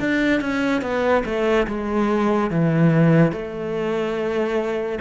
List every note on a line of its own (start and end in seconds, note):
0.00 0.41 D4
0.41 0.81 C#4
0.81 1.23 B3
1.25 1.67 A3
1.67 2.50 G#3
2.50 3.32 E3
3.32 4.99 A3